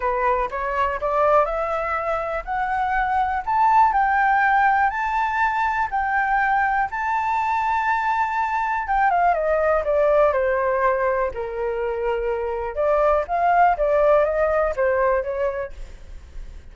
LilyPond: \new Staff \with { instrumentName = "flute" } { \time 4/4 \tempo 4 = 122 b'4 cis''4 d''4 e''4~ | e''4 fis''2 a''4 | g''2 a''2 | g''2 a''2~ |
a''2 g''8 f''8 dis''4 | d''4 c''2 ais'4~ | ais'2 d''4 f''4 | d''4 dis''4 c''4 cis''4 | }